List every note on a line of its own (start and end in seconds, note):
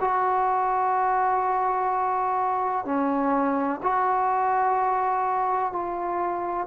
0.00 2.85 F#4
2.85 3.80 C#4
3.82 5.72 F#4
5.72 6.66 F4